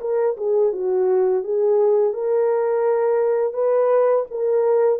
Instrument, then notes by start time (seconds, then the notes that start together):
horn
0.00 A#4
0.37 G#4
0.72 F#4
1.44 G#4
2.13 A#4
3.53 B4
4.30 A#4